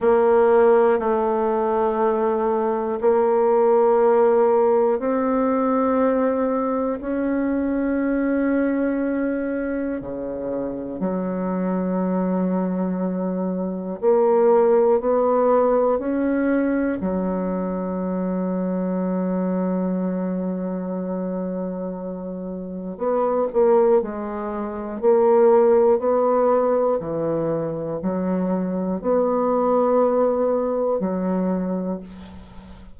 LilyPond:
\new Staff \with { instrumentName = "bassoon" } { \time 4/4 \tempo 4 = 60 ais4 a2 ais4~ | ais4 c'2 cis'4~ | cis'2 cis4 fis4~ | fis2 ais4 b4 |
cis'4 fis2.~ | fis2. b8 ais8 | gis4 ais4 b4 e4 | fis4 b2 fis4 | }